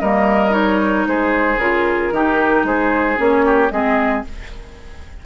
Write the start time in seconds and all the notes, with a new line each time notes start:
0.00 G3 A#3 A#4 D#5
0.50 D#4 C#5
1.07 G#3 G#4 C5
1.57 C#3 F4 A#4
2.12 D#3 D#4 G4
2.64 G#3 G#4 C5
3.17 A#3 C#4 C#5
3.46 G4
3.71 G#3 C4 G#4 D#5